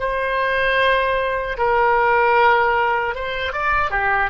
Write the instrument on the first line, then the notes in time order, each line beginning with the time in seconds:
oboe
0.00 C5
1.58 A#4
3.15 C5
3.53 D5
3.91 G4